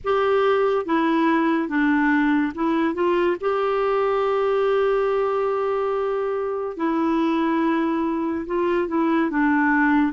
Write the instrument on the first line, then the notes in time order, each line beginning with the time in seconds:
clarinet
0.03 G4
0.85 E4
1.68 D4
2.54 E4
2.94 F4
3.40 G4
6.76 E4
8.46 F4
8.88 E4
9.30 D4